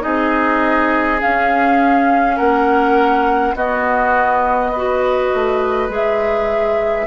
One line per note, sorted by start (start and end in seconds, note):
0.00 1.22 C4
0.00 1.18 D#4
0.00 2.36 G#4
0.00 1.20 D#5
1.20 3.55 C#4
1.20 2.40 C#4
1.20 2.37 F5
2.36 3.54 A#3
2.36 3.54 A#4
2.36 3.55 F#5
3.54 5.31 B3
3.54 4.73 B3
3.54 4.71 F#4
3.54 5.91 D#5
4.71 5.89 F#4
4.71 7.06 B4
5.34 5.88 A3
5.88 7.06 G#3
5.88 7.06 G#4
5.88 7.06 E5